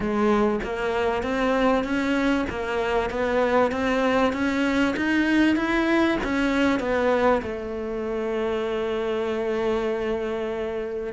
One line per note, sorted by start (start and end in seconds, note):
0.00 0.59 G#3
0.63 1.22 A#3
1.22 1.84 C4
1.84 2.45 C#4
2.49 3.10 A#3
3.10 3.71 B3
3.71 4.32 C4
4.32 4.94 C#4
4.96 5.56 D#4
5.56 6.17 E4
6.23 6.79 C#4
6.79 7.41 B3
7.42 11.13 A3